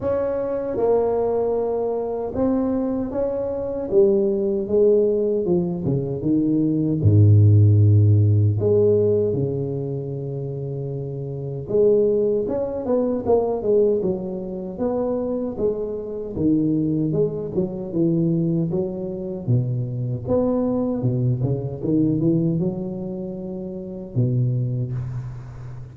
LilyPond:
\new Staff \with { instrumentName = "tuba" } { \time 4/4 \tempo 4 = 77 cis'4 ais2 c'4 | cis'4 g4 gis4 f8 cis8 | dis4 gis,2 gis4 | cis2. gis4 |
cis'8 b8 ais8 gis8 fis4 b4 | gis4 dis4 gis8 fis8 e4 | fis4 b,4 b4 b,8 cis8 | dis8 e8 fis2 b,4 | }